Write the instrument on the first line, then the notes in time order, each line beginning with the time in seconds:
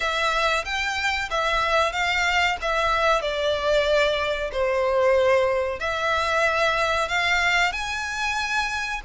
violin
0.00 E5
0.64 G5
1.30 E5
1.92 F5
2.61 E5
3.21 D5
4.52 C5
5.79 E5
7.08 F5
7.72 G#5